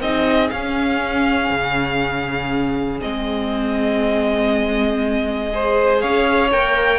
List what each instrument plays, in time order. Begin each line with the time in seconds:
0.00 cello C4, viola D#4, violin G#4 D#5
0.50 viola C#4, cello C#4, violin F5
1.50 cello C#3
3.00 cello G#3, viola C4, violin D#5
5.50 viola G#4, violin C5
6.00 cello C#4, violin C#5 F5
6.51 cello A#3, viola A#4, violin G5